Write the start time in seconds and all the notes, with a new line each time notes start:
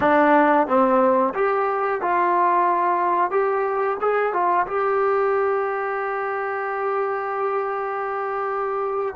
0.00 D4
0.67 C4
1.34 G4
2.01 F4
3.30 G4
4.01 G#4
4.33 F4
4.67 G4